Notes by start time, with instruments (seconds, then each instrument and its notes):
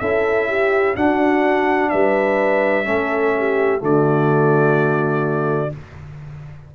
0.00 tuba C#4, trombone E4, horn A4, trumpet E5
0.48 horn G4
0.95 trombone D4, tuba D4, horn F#4, trumpet F#5
1.90 tuba G3, horn B4, trumpet E5
2.84 tuba A3, trombone C#4, horn A4
3.38 horn G4
3.79 tuba D3, trombone A3, horn F#4, trumpet D5